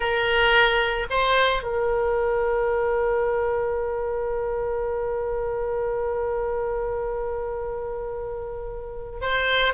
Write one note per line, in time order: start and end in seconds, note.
0.00 1.06 A#4
1.10 1.62 C5
1.62 9.19 A#4
9.21 9.73 C5